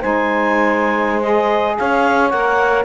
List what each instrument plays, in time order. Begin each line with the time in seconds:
0.00 cello G#3, saxophone D#4 C5, clarinet G#5
1.21 saxophone G#4, clarinet D#5
1.78 cello C#4, saxophone C#5, clarinet F5
2.30 cello A#3, saxophone A#4, clarinet F#5